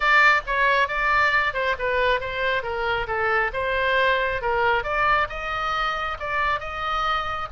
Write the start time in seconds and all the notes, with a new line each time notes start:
0.00 D5
0.46 C#5
0.87 D5
1.53 C5
1.78 B4
2.20 C5
2.62 A#4
3.07 A4
3.53 C5
4.41 A#4
4.83 D5
5.29 D#5
6.19 D5
6.60 D#5